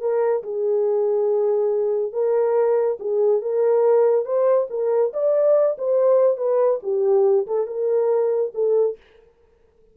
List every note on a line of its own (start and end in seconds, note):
0.00 0.43 A#4
0.43 2.12 G#4
2.12 2.97 A#4
2.99 3.41 G#4
3.41 4.25 A#4
4.25 4.67 C5
4.70 5.12 A#4
5.13 5.77 D5
5.78 6.37 C5
6.37 6.80 B4
6.82 7.46 G4
7.47 7.66 A4
7.66 8.51 A#4
8.54 8.97 A4